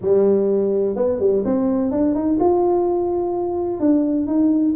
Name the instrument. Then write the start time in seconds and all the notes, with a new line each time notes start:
tuba
0.01 G3
0.96 B3
1.19 G3
1.44 C4
1.91 D4
2.14 D#4
2.39 F4
3.79 D4
4.26 D#4